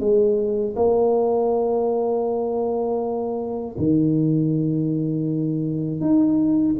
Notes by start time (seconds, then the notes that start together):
0.00 G#3
0.76 A#3
3.78 D#3
6.00 D#4